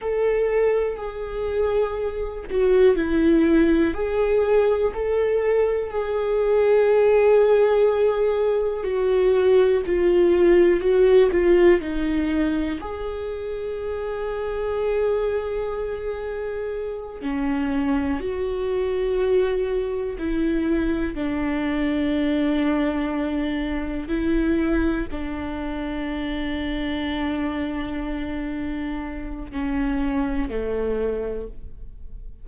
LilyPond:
\new Staff \with { instrumentName = "viola" } { \time 4/4 \tempo 4 = 61 a'4 gis'4. fis'8 e'4 | gis'4 a'4 gis'2~ | gis'4 fis'4 f'4 fis'8 f'8 | dis'4 gis'2.~ |
gis'4. cis'4 fis'4.~ | fis'8 e'4 d'2~ d'8~ | d'8 e'4 d'2~ d'8~ | d'2 cis'4 a4 | }